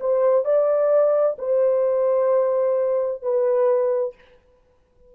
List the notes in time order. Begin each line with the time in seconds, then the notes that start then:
0.00 C5
0.44 D5
1.38 C5
3.22 B4